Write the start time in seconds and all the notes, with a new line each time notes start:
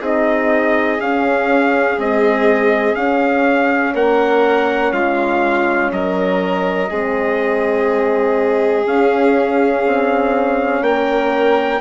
0.00 C4 D#4 G#4
0.06 D#5
1.01 C#4 F5
1.98 G#3 C4 D#5
2.95 C#4 F5
3.94 A#3 A#4 F#5
4.93 G#3 F4 F5
5.92 F#3 A#4 D#5
6.90 G#3 C4 G#4
8.85 C#4 F5
9.86 C4
10.82 A#3 A#4 G5